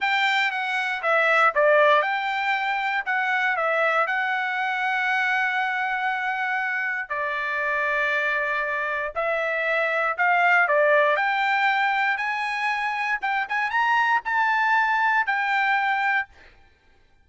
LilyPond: \new Staff \with { instrumentName = "trumpet" } { \time 4/4 \tempo 4 = 118 g''4 fis''4 e''4 d''4 | g''2 fis''4 e''4 | fis''1~ | fis''2 d''2~ |
d''2 e''2 | f''4 d''4 g''2 | gis''2 g''8 gis''8 ais''4 | a''2 g''2 | }